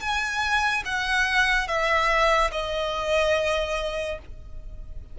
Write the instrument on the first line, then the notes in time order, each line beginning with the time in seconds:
violin
0.00 G#5
0.85 F#5
1.67 E5
2.52 D#5